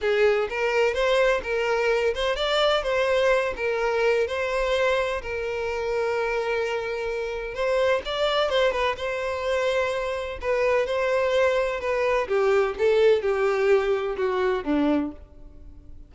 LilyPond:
\new Staff \with { instrumentName = "violin" } { \time 4/4 \tempo 4 = 127 gis'4 ais'4 c''4 ais'4~ | ais'8 c''8 d''4 c''4. ais'8~ | ais'4 c''2 ais'4~ | ais'1 |
c''4 d''4 c''8 b'8 c''4~ | c''2 b'4 c''4~ | c''4 b'4 g'4 a'4 | g'2 fis'4 d'4 | }